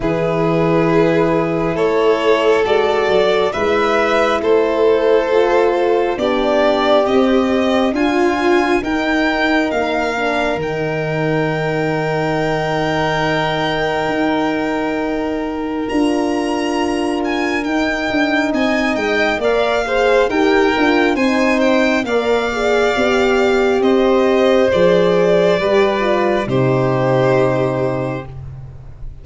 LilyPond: <<
  \new Staff \with { instrumentName = "violin" } { \time 4/4 \tempo 4 = 68 b'2 cis''4 d''4 | e''4 c''2 d''4 | dis''4 gis''4 g''4 f''4 | g''1~ |
g''2 ais''4. gis''8 | g''4 gis''8 g''8 f''4 g''4 | gis''8 g''8 f''2 dis''4 | d''2 c''2 | }
  \new Staff \with { instrumentName = "violin" } { \time 4/4 gis'2 a'2 | b'4 a'2 g'4~ | g'4 f'4 ais'2~ | ais'1~ |
ais'1~ | ais'4 dis''4 d''8 c''8 ais'4 | c''4 d''2 c''4~ | c''4 b'4 g'2 | }
  \new Staff \with { instrumentName = "horn" } { \time 4/4 e'2. fis'4 | e'2 f'4 d'4 | c'4 f'4 dis'4. d'8 | dis'1~ |
dis'2 f'2 | dis'2 ais'8 gis'8 g'8 f'8 | dis'4 ais'8 gis'8 g'2 | gis'4 g'8 f'8 dis'2 | }
  \new Staff \with { instrumentName = "tuba" } { \time 4/4 e2 a4 gis8 fis8 | gis4 a2 b4 | c'4 d'4 dis'4 ais4 | dis1 |
dis'2 d'2 | dis'8 d'8 c'8 gis8 ais4 dis'8 d'8 | c'4 ais4 b4 c'4 | f4 g4 c2 | }
>>